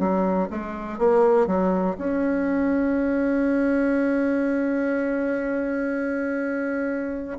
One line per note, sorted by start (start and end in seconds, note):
0.00 0.49 F#3
0.51 0.99 G#3
0.99 1.48 A#3
1.48 1.97 F#3
1.99 7.39 C#4